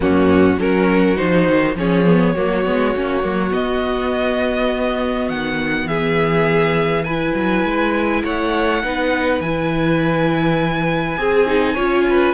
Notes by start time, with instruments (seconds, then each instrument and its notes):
0.00 cello F#2, viola A#3, violin C#4 F#4
0.58 cello F#3, viola C#4, violin F#4 A#4
1.16 cello F3, viola D#4, violin C5
1.48 cello D#3
1.75 cello F3, viola C#4, violin G#4 C#5
2.05 viola B3
2.35 cello F#3, viola A#3, violin F#4
2.64 cello G#3, viola B3
2.95 cello A#3, viola C#4
3.23 cello F#3, viola A#3
3.50 viola B3, cello B3, violin D#5
5.28 cello D#3, violin F#5
5.84 cello E3, violin G#4 E5
7.04 viola E4, violin B4 G#5
7.34 cello F#3
7.63 cello G#3
8.24 cello A3, violin C#5 F#5
8.83 cello B3, viola D#4, violin B4
9.40 cello E3, viola E4, violin G#5
11.17 cello C4, viola G#4, violin G#4
11.47 viola D#4
11.74 cello C#4, viola F4, violin C#5
12.09 violin B4